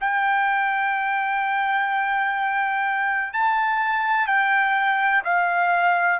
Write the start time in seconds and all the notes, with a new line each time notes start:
0.00 G5
3.33 A5
4.27 G5
5.24 F5